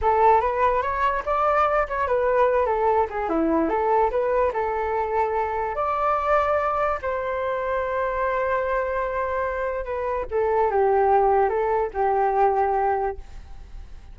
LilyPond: \new Staff \with { instrumentName = "flute" } { \time 4/4 \tempo 4 = 146 a'4 b'4 cis''4 d''4~ | d''8 cis''8 b'4. a'4 gis'8 | e'4 a'4 b'4 a'4~ | a'2 d''2~ |
d''4 c''2.~ | c''1 | b'4 a'4 g'2 | a'4 g'2. | }